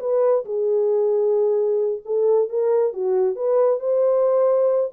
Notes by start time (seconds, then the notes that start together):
0.00 B4
0.45 G#4
2.05 A4
2.50 A#4
2.93 F#4
3.36 B4
3.80 C5